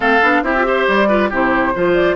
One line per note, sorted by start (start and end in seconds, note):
0.00 0.21 A3
0.00 0.20 C4
0.00 0.41 A4
0.00 0.43 F5
0.21 0.42 B3
0.21 0.43 D4
0.42 0.86 C4
0.42 0.54 E4
0.42 0.66 G4
0.42 0.87 E5
0.55 0.64 F4
0.64 1.07 G4
0.64 1.08 C5
0.87 1.31 G3
0.87 1.31 D5
1.08 1.30 F4
1.08 1.29 B4
1.29 1.74 C3
1.29 1.74 E4
1.29 1.72 G4
1.29 1.93 C5
1.74 2.16 F3
1.74 2.16 F4
1.74 2.16 C5
1.93 2.15 D5